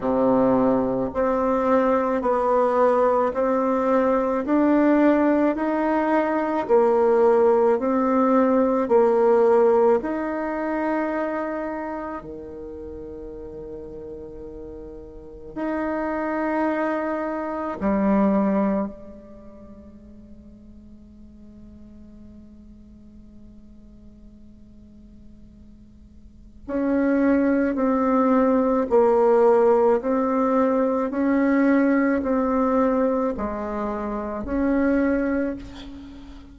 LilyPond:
\new Staff \with { instrumentName = "bassoon" } { \time 4/4 \tempo 4 = 54 c4 c'4 b4 c'4 | d'4 dis'4 ais4 c'4 | ais4 dis'2 dis4~ | dis2 dis'2 |
g4 gis2.~ | gis1 | cis'4 c'4 ais4 c'4 | cis'4 c'4 gis4 cis'4 | }